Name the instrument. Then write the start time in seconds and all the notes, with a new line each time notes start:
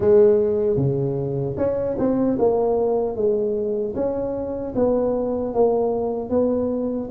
tuba
0.00 G#3
0.76 C#3
1.57 C#4
1.98 C4
2.39 A#3
3.16 G#3
3.95 C#4
4.75 B3
5.54 A#3
6.29 B3